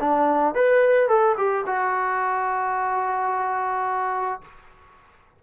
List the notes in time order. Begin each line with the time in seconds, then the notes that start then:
0.00 D4
0.55 B4
1.08 A4
1.37 G4
1.66 F#4